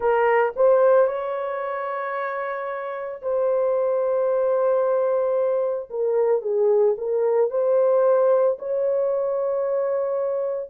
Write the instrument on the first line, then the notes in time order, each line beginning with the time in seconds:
horn
0.00 A#4
0.56 C5
1.07 C#5
3.21 C5
5.89 A#4
6.41 G#4
6.97 A#4
7.50 C5
8.59 C#5